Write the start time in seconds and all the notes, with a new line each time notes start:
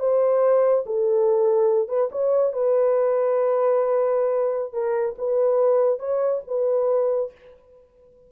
0.00 C5
0.86 A4
1.89 B4
2.12 C#5
2.53 B4
4.73 A#4
5.18 B4
6.00 C#5
6.47 B4